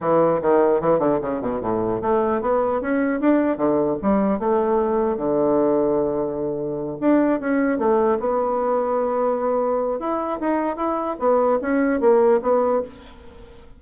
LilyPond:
\new Staff \with { instrumentName = "bassoon" } { \time 4/4 \tempo 4 = 150 e4 dis4 e8 d8 cis8 b,8 | a,4 a4 b4 cis'4 | d'4 d4 g4 a4~ | a4 d2.~ |
d4. d'4 cis'4 a8~ | a8 b2.~ b8~ | b4 e'4 dis'4 e'4 | b4 cis'4 ais4 b4 | }